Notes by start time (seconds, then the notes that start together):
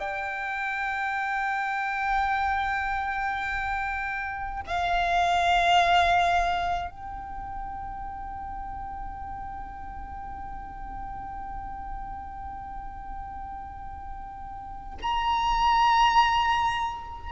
0.00 G5
4.67 F5
6.91 G5
15.02 A#5